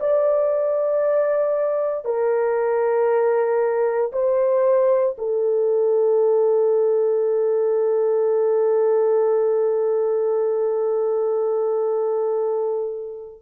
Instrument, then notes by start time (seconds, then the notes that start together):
horn
0.00 D5
2.05 A#4
4.12 C5
5.18 A4